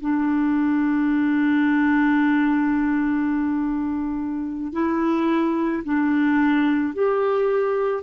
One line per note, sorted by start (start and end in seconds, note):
0.00 4.72 D4
4.72 5.83 E4
5.84 6.93 D4
6.93 8.03 G4